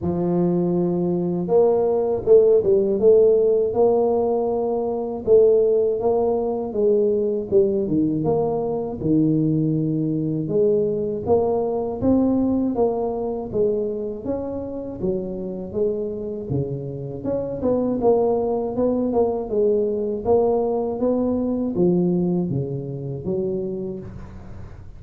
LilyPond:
\new Staff \with { instrumentName = "tuba" } { \time 4/4 \tempo 4 = 80 f2 ais4 a8 g8 | a4 ais2 a4 | ais4 gis4 g8 dis8 ais4 | dis2 gis4 ais4 |
c'4 ais4 gis4 cis'4 | fis4 gis4 cis4 cis'8 b8 | ais4 b8 ais8 gis4 ais4 | b4 f4 cis4 fis4 | }